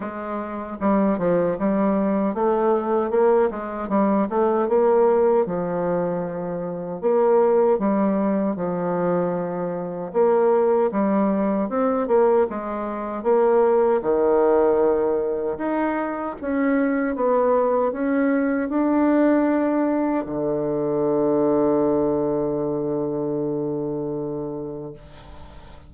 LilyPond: \new Staff \with { instrumentName = "bassoon" } { \time 4/4 \tempo 4 = 77 gis4 g8 f8 g4 a4 | ais8 gis8 g8 a8 ais4 f4~ | f4 ais4 g4 f4~ | f4 ais4 g4 c'8 ais8 |
gis4 ais4 dis2 | dis'4 cis'4 b4 cis'4 | d'2 d2~ | d1 | }